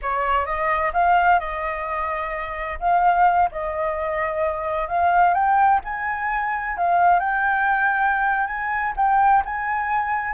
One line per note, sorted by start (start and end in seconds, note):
0.01 0.45 C#5
0.45 0.92 D#5
0.93 1.39 F5
1.39 2.79 D#5
2.79 3.49 F5
3.51 4.88 D#5
4.88 5.34 F5
5.34 5.80 G5
5.84 6.77 G#5
6.77 7.19 F5
7.19 8.47 G5
8.47 8.93 G#5
8.96 9.42 G5
9.45 10.33 G#5